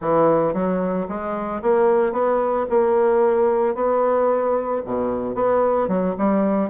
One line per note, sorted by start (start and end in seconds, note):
0.01 0.53 E3
0.53 1.07 F#3
1.08 1.61 G#3
1.61 2.12 A#3
2.12 2.65 B3
2.69 3.74 A#3
3.74 4.81 B3
4.85 5.34 B2
5.34 5.88 B3
5.88 6.14 F#3
6.18 6.69 G3